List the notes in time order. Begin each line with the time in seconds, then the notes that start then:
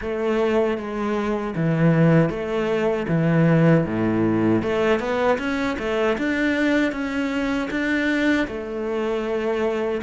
0.01 A3
0.77 G#3
1.55 E3
2.29 A3
3.08 E3
3.86 A2
4.62 A3
4.99 B3
5.38 C#4
5.78 A3
6.17 D4
6.92 C#4
7.70 D4
8.47 A3